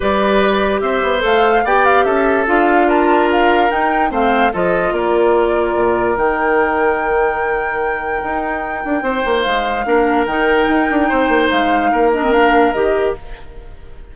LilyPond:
<<
  \new Staff \with { instrumentName = "flute" } { \time 4/4 \tempo 4 = 146 d''2 e''4 f''4 | g''8 f''8 e''4 f''4 a''4 | f''4 g''4 f''4 dis''4 | d''2. g''4~ |
g''1~ | g''2. f''4~ | f''4 g''2. | f''4. dis''8 f''4 dis''4 | }
  \new Staff \with { instrumentName = "oboe" } { \time 4/4 b'2 c''2 | d''4 a'2 ais'4~ | ais'2 c''4 a'4 | ais'1~ |
ais'1~ | ais'2 c''2 | ais'2. c''4~ | c''4 ais'2. | }
  \new Staff \with { instrumentName = "clarinet" } { \time 4/4 g'2. a'4 | g'2 f'2~ | f'4 dis'4 c'4 f'4~ | f'2. dis'4~ |
dis'1~ | dis'1 | d'4 dis'2.~ | dis'4. d'16 c'16 d'4 g'4 | }
  \new Staff \with { instrumentName = "bassoon" } { \time 4/4 g2 c'8 b8 a4 | b4 cis'4 d'2~ | d'4 dis'4 a4 f4 | ais2 ais,4 dis4~ |
dis1 | dis'4. d'8 c'8 ais8 gis4 | ais4 dis4 dis'8 d'8 c'8 ais8 | gis4 ais2 dis4 | }
>>